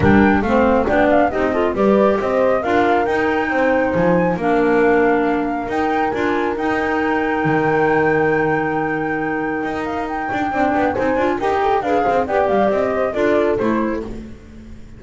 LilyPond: <<
  \new Staff \with { instrumentName = "flute" } { \time 4/4 \tempo 4 = 137 g''4 f''4 g''8 f''8 dis''4 | d''4 dis''4 f''4 g''4~ | g''4 gis''4 f''2~ | f''4 g''4 gis''4 g''4~ |
g''1~ | g''2~ g''8 f''8 g''4~ | g''4 gis''4 g''4 f''4 | g''8 f''8 dis''4 d''4 c''4 | }
  \new Staff \with { instrumentName = "horn" } { \time 4/4 ais'4 c''4 d''4 g'8 a'8 | b'4 c''4 ais'2 | c''2 ais'2~ | ais'1~ |
ais'1~ | ais'1 | d''4 c''4 ais'8 a'8 b'8 c''8 | d''4. c''8 a'2 | }
  \new Staff \with { instrumentName = "clarinet" } { \time 4/4 d'4 c'4 d'4 dis'8 f'8 | g'2 f'4 dis'4~ | dis'2 d'2~ | d'4 dis'4 f'4 dis'4~ |
dis'1~ | dis'1 | d'4 dis'8 f'8 g'4 gis'4 | g'2 f'4 e'4 | }
  \new Staff \with { instrumentName = "double bass" } { \time 4/4 g4 a4 b4 c'4 | g4 c'4 d'4 dis'4 | c'4 f4 ais2~ | ais4 dis'4 d'4 dis'4~ |
dis'4 dis2.~ | dis2 dis'4. d'8 | c'8 b8 c'8 d'8 dis'4 d'8 c'8 | b8 g8 c'4 d'4 a4 | }
>>